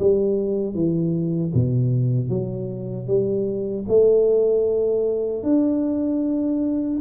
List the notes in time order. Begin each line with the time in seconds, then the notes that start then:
0.00 G3
0.75 E3
1.54 B2
2.30 F#3
3.07 G3
3.88 A3
5.44 D4